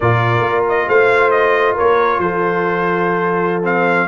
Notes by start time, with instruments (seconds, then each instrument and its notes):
0.00 tuba A#2, trombone F4, horn A#4, trumpet D5
0.40 tuba A#3
0.68 trumpet D#5
0.87 tuba A3, horn C5, trumpet F5
1.30 trumpet D#5
1.74 horn A#4, trumpet C#5
1.80 tuba A#3
2.18 tuba F3, horn A4, trumpet C5
3.63 trombone C4, trumpet F5